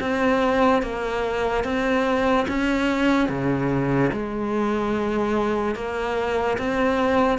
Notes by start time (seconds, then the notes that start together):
0.00 C4
0.82 A#3
1.64 C4
2.48 C#4
3.28 C#3
4.12 G#3
5.75 A#3
6.58 C4